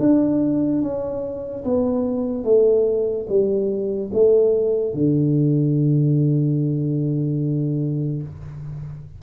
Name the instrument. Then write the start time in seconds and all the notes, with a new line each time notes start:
tuba
0.00 D4
0.82 C#4
1.65 B3
2.44 A3
3.29 G3
4.13 A3
4.94 D3